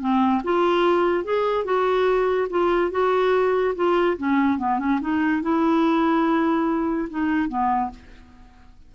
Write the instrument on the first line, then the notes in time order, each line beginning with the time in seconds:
clarinet
0.00 C4
0.44 F4
1.24 G#4
1.64 F#4
2.50 F4
2.91 F#4
3.75 F4
4.17 C#4
4.58 B3
4.79 C#4
5.01 D#4
5.42 E4
7.09 D#4
7.48 B3